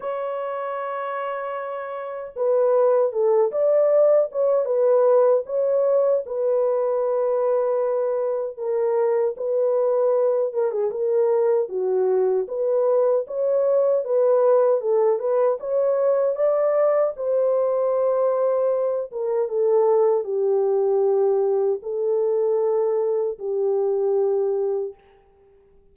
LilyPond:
\new Staff \with { instrumentName = "horn" } { \time 4/4 \tempo 4 = 77 cis''2. b'4 | a'8 d''4 cis''8 b'4 cis''4 | b'2. ais'4 | b'4. ais'16 gis'16 ais'4 fis'4 |
b'4 cis''4 b'4 a'8 b'8 | cis''4 d''4 c''2~ | c''8 ais'8 a'4 g'2 | a'2 g'2 | }